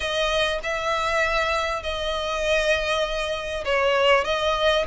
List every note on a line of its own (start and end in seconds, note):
0.00 0.59 D#5
0.63 1.82 E5
1.82 3.64 D#5
3.64 4.24 C#5
4.24 4.85 D#5